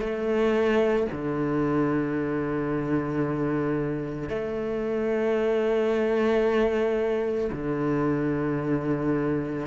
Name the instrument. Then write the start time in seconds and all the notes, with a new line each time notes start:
cello
0.00 A3
1.12 D3
4.30 A3
7.52 D3